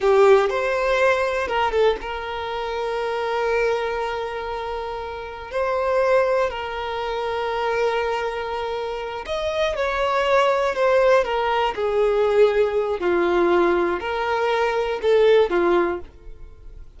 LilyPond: \new Staff \with { instrumentName = "violin" } { \time 4/4 \tempo 4 = 120 g'4 c''2 ais'8 a'8 | ais'1~ | ais'2. c''4~ | c''4 ais'2.~ |
ais'2~ ais'8 dis''4 cis''8~ | cis''4. c''4 ais'4 gis'8~ | gis'2 f'2 | ais'2 a'4 f'4 | }